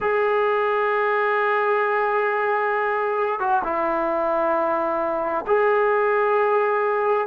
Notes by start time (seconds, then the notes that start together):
0.00 G#4
3.39 F#4
3.63 E4
5.47 G#4